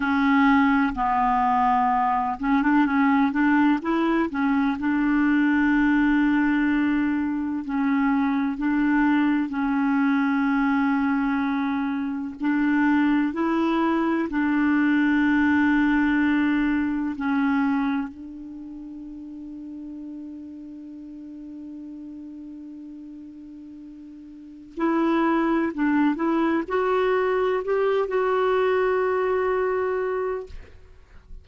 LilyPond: \new Staff \with { instrumentName = "clarinet" } { \time 4/4 \tempo 4 = 63 cis'4 b4. cis'16 d'16 cis'8 d'8 | e'8 cis'8 d'2. | cis'4 d'4 cis'2~ | cis'4 d'4 e'4 d'4~ |
d'2 cis'4 d'4~ | d'1~ | d'2 e'4 d'8 e'8 | fis'4 g'8 fis'2~ fis'8 | }